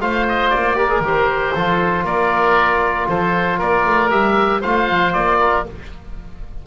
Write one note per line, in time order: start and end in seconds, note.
0.00 0.51 A3
0.00 0.75 F4
0.00 0.78 C5
0.00 0.26 F5
0.28 0.50 D#5
0.50 1.01 A#3
0.50 1.01 D5
0.75 0.88 G4
0.75 1.54 A#4
0.89 1.01 G#4
1.01 1.52 D#3
1.01 1.56 G4
1.07 2.06 C5
1.54 2.05 F3
1.54 4.10 F4
1.54 2.04 A4
2.04 3.07 A#3
2.04 3.07 A#4
2.04 3.08 D5
3.09 3.60 F3
3.09 3.59 A4
3.09 3.60 C5
3.59 3.86 A#3
3.59 4.61 A#4
3.59 4.11 D5
3.86 4.11 A3
4.10 4.63 G3
4.10 4.61 G4
4.10 4.62 E5
4.61 4.90 A3
4.61 5.66 F4
4.61 5.38 C5
4.61 5.13 F5
4.90 5.15 F3
5.13 5.67 A#3
5.13 5.65 D5
5.39 5.65 A#4